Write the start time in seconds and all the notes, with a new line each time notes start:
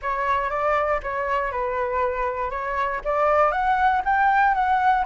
0.02 C#5
0.50 D5
1.02 C#5
1.51 B4
2.50 C#5
3.04 D5
3.51 F#5
4.05 G5
4.54 F#5